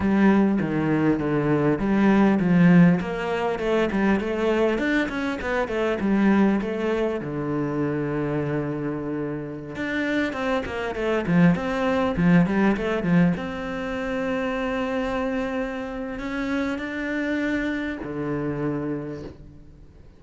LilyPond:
\new Staff \with { instrumentName = "cello" } { \time 4/4 \tempo 4 = 100 g4 dis4 d4 g4 | f4 ais4 a8 g8 a4 | d'8 cis'8 b8 a8 g4 a4 | d1~ |
d16 d'4 c'8 ais8 a8 f8 c'8.~ | c'16 f8 g8 a8 f8 c'4.~ c'16~ | c'2. cis'4 | d'2 d2 | }